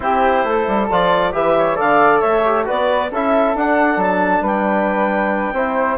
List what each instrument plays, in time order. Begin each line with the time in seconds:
0.00 bassoon C4, trombone E4, flute G4, clarinet C5
0.43 bassoon A3, flute A4
0.67 bassoon G3
0.90 bassoon F3, trombone F4, clarinet D5
1.32 bassoon E3, trombone G4, flute B4, clarinet E5
1.58 flute C#5
1.75 bassoon D3, trombone A4, flute D5, clarinet F5
2.20 bassoon A3, flute C#5, clarinet E5
2.45 trombone G4
2.64 trombone F#4, flute B4, clarinet D5
2.70 bassoon B3
3.11 bassoon C#4, trombone E4, flute A4, clarinet E5
3.55 bassoon D4, trombone D4, clarinet F#5
3.97 bassoon F#3, clarinet A5
4.40 bassoon G3, flute B4, clarinet G5
5.52 bassoon C4, trombone E4, flute C5